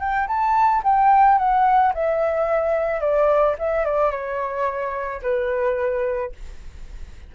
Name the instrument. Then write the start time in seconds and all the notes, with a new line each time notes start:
flute
0.00 G5
0.28 A5
0.84 G5
1.38 F#5
1.94 E5
3.01 D5
3.59 E5
3.86 D5
4.12 C#5
5.22 B4